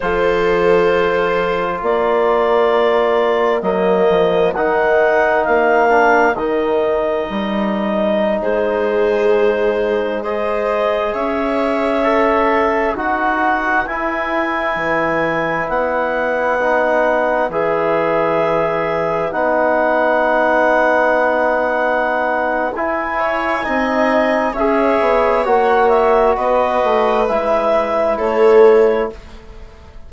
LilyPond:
<<
  \new Staff \with { instrumentName = "clarinet" } { \time 4/4 \tempo 4 = 66 c''2 d''2 | dis''4 fis''4 f''4 dis''4~ | dis''4~ dis''16 c''2 dis''8.~ | dis''16 e''2 fis''4 gis''8.~ |
gis''4~ gis''16 fis''2 e''8.~ | e''4~ e''16 fis''2~ fis''8.~ | fis''4 gis''2 e''4 | fis''8 e''8 dis''4 e''4 cis''4 | }
  \new Staff \with { instrumentName = "viola" } { \time 4/4 a'2 ais'2~ | ais'1~ | ais'4~ ais'16 gis'2 c''8.~ | c''16 cis''2 b'4.~ b'16~ |
b'1~ | b'1~ | b'4. cis''8 dis''4 cis''4~ | cis''4 b'2 a'4 | }
  \new Staff \with { instrumentName = "trombone" } { \time 4/4 f'1 | ais4 dis'4. d'8 dis'4~ | dis'2.~ dis'16 gis'8.~ | gis'4~ gis'16 a'4 fis'4 e'8.~ |
e'2~ e'16 dis'4 gis'8.~ | gis'4~ gis'16 dis'2~ dis'8.~ | dis'4 e'4 dis'4 gis'4 | fis'2 e'2 | }
  \new Staff \with { instrumentName = "bassoon" } { \time 4/4 f2 ais2 | fis8 f8 dis4 ais4 dis4 | g4~ g16 gis2~ gis8.~ | gis16 cis'2 dis'4 e'8.~ |
e'16 e4 b2 e8.~ | e4~ e16 b2~ b8.~ | b4 e'4 c'4 cis'8 b8 | ais4 b8 a8 gis4 a4 | }
>>